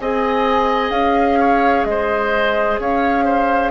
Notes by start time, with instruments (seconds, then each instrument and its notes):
0.00 bassoon C4, clarinet G#4, oboe D#5, flute G#5
0.90 bassoon C#4, flute F5
1.39 oboe C#5
1.84 bassoon G#3, oboe C5, flute D#5
2.79 bassoon C#4, oboe C#5, flute F5
3.25 oboe C5